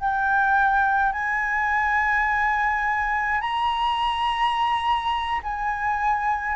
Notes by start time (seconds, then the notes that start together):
0.00 G5
1.12 G#5
3.41 A#5
5.43 G#5